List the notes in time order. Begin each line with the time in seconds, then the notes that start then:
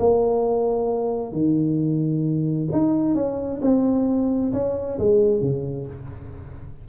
0.00 A#3
1.33 D#3
2.73 D#4
3.15 C#4
3.62 C4
4.53 C#4
4.99 G#3
5.42 C#3